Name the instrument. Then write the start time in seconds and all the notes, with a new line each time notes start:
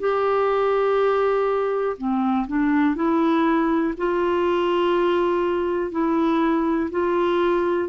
clarinet
0.00 G4
1.98 C4
2.48 D4
2.96 E4
3.97 F4
5.92 E4
6.91 F4